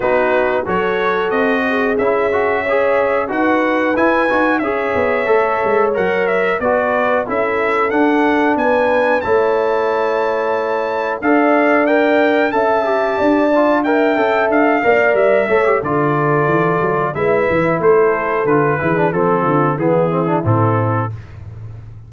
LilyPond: <<
  \new Staff \with { instrumentName = "trumpet" } { \time 4/4 \tempo 4 = 91 b'4 cis''4 dis''4 e''4~ | e''4 fis''4 gis''4 e''4~ | e''4 fis''8 e''8 d''4 e''4 | fis''4 gis''4 a''2~ |
a''4 f''4 g''4 a''4~ | a''4 g''4 f''4 e''4 | d''2 e''4 c''4 | b'4 a'4 gis'4 a'4 | }
  \new Staff \with { instrumentName = "horn" } { \time 4/4 fis'4 a'4. gis'4. | cis''4 b'2 cis''4~ | cis''2 b'4 a'4~ | a'4 b'4 cis''2~ |
cis''4 d''2 e''4 | d''4 e''4. d''4 cis''8 | a'2 b'4 a'4~ | a'8 gis'8 a'8 f'8 e'2 | }
  \new Staff \with { instrumentName = "trombone" } { \time 4/4 dis'4 fis'2 e'8 fis'8 | gis'4 fis'4 e'8 fis'8 gis'4 | a'4 ais'4 fis'4 e'4 | d'2 e'2~ |
e'4 a'4 ais'4 a'8 g'8~ | g'8 f'8 ais'8 a'4 ais'4 a'16 g'16 | f'2 e'2 | f'8 e'16 d'16 c'4 b8 c'16 d'16 c'4 | }
  \new Staff \with { instrumentName = "tuba" } { \time 4/4 b4 fis4 c'4 cis'4~ | cis'4 dis'4 e'8 dis'8 cis'8 b8 | a8 gis8 fis4 b4 cis'4 | d'4 b4 a2~ |
a4 d'2 cis'4 | d'4. cis'8 d'8 ais8 g8 a8 | d4 e8 fis8 gis8 e8 a4 | d8 e8 f8 d8 e4 a,4 | }
>>